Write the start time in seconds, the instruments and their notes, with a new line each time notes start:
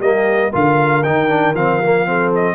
0.00 tuba G3, trombone A#3, horn G4, trumpet D#5
0.49 tuba D3, trombone F4, horn A#4
0.55 trumpet F5
1.04 tuba D#3, trombone D#4, trumpet G5
1.29 trombone D4
1.54 tuba F3, trombone C4, trumpet F5
1.84 trombone A#3
2.06 trombone C4, horn A4
2.35 trumpet D#5